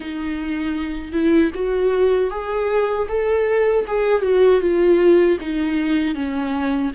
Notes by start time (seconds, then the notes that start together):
0.00 D#4
1.12 E4
1.54 F#4
2.30 G#4
3.08 A4
3.87 G#4
4.22 F#4
4.60 F4
5.40 D#4
6.14 C#4